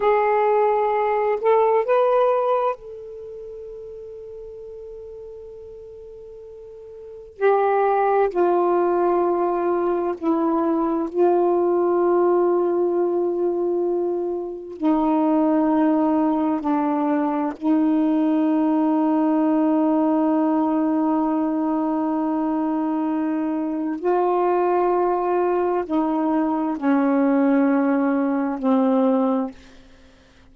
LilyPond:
\new Staff \with { instrumentName = "saxophone" } { \time 4/4 \tempo 4 = 65 gis'4. a'8 b'4 a'4~ | a'1 | g'4 f'2 e'4 | f'1 |
dis'2 d'4 dis'4~ | dis'1~ | dis'2 f'2 | dis'4 cis'2 c'4 | }